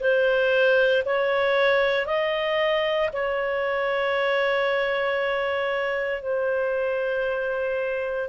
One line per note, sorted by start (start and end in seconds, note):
0.00 1.03 C5
1.05 2.06 C#5
2.06 3.09 D#5
3.13 6.22 C#5
6.22 8.29 C5